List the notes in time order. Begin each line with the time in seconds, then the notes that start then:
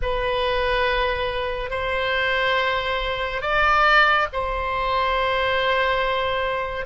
0.02 B4
1.70 C5
3.41 D5
4.32 C5